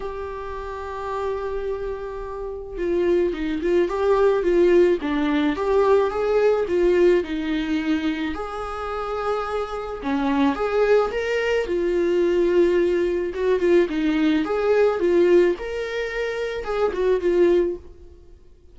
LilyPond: \new Staff \with { instrumentName = "viola" } { \time 4/4 \tempo 4 = 108 g'1~ | g'4 f'4 dis'8 f'8 g'4 | f'4 d'4 g'4 gis'4 | f'4 dis'2 gis'4~ |
gis'2 cis'4 gis'4 | ais'4 f'2. | fis'8 f'8 dis'4 gis'4 f'4 | ais'2 gis'8 fis'8 f'4 | }